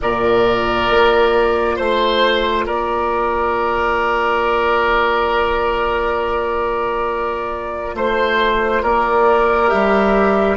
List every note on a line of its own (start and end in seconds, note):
0.00 0.89 A#2
0.00 9.67 F4
0.00 1.76 A#4
0.00 1.77 D5
0.89 1.78 A#3
1.76 2.67 A3
1.76 2.64 C5
1.76 2.65 C5
2.66 7.94 A#3
2.66 7.95 A#4
2.66 7.96 D5
7.94 8.82 A3
7.94 8.83 C5
7.94 8.82 C5
8.82 9.71 A#3
8.82 10.56 A#4
8.82 9.69 D5
9.67 10.56 G3
9.67 10.56 G4
9.67 10.56 E5